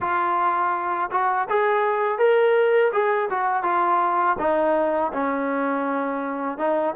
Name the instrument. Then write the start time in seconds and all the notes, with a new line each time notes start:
trombone
0.00 F4
1.11 F#4
1.49 G#4
2.18 A#4
2.92 G#4
3.30 F#4
3.63 F4
4.39 D#4
5.13 C#4
6.58 D#4